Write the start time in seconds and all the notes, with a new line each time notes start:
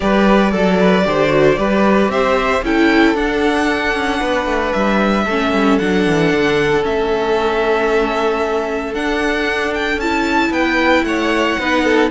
0.00 G3 G4 B4 D5
0.51 F#3 A4
0.80 B4
1.04 D3 G4 C5
1.28 F#4
1.57 G3 G4 B4
2.08 C4 C5 E5
2.62 C#4 E4 A4 G5
3.15 D4 F#5
3.94 C#4
4.20 B3 B4
4.45 A3
4.73 G3 E5
5.24 A3 C#4 A4
5.53 G3
5.78 F#3 D4 F#5
6.06 E3
6.33 D3
6.83 A3 C#4 E5
8.94 D4 F#5
9.74 G5
9.96 C#4 E4 A5
10.50 B3 B4 G5
11.03 A3 C#5 F#5
11.59 B3 D#4 B4
11.84 A4